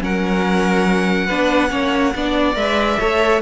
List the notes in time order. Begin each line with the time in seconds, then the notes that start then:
0.00 F#3 C#4 A#4 F#5
1.27 B3 D4 B4
1.69 A#3 C#4 C#5
2.15 B3 D4 D5
2.55 G#3 B4 E5
2.99 A3 A4 C#5